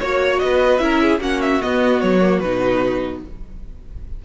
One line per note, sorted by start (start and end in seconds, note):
0.00 0.42 A#3
0.00 0.79 F#4
0.00 0.39 C#5
0.00 0.41 C#5
0.39 0.80 B3
0.39 0.78 D#5
0.46 0.84 B4
0.78 1.20 C#4
0.78 1.20 E4
0.78 1.03 A#4
0.78 1.19 E5
1.03 1.21 G#4
1.21 1.61 A#3
1.21 1.61 C#4
1.21 3.22 F#4
1.21 1.42 F#5
1.42 1.62 E5
1.62 2.22 B3
1.62 2.03 B3
1.62 2.01 D#5
2.01 2.40 F#3
2.01 2.40 C#5
2.22 2.42 A#3
2.40 3.21 B2
2.40 3.25 D#4
2.40 3.20 B4